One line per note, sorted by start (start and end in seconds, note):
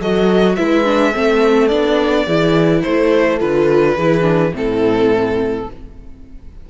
0.00 0.57 F#3
0.00 0.57 F#4
0.00 0.57 A4
0.00 0.55 D#5
0.55 1.16 G#3
0.55 0.85 E4
0.55 1.12 B4
0.55 1.68 E5
0.85 1.13 D4
1.12 1.72 A3
1.12 1.70 C4
1.12 2.25 A4
1.68 2.27 B3
1.68 2.27 D4
1.68 2.81 D5
2.25 2.84 E3
2.25 3.40 E4
2.25 2.82 G#4
2.83 3.41 A3
2.83 3.96 A4
2.83 3.39 C5
3.40 3.97 D3
3.40 3.96 F4
3.40 4.54 B4
3.96 4.53 E3
3.96 4.21 E4
3.96 4.53 G#4
4.21 4.50 D4
4.53 5.66 A2
4.53 5.66 C4
4.53 5.66 E4
4.53 5.70 A4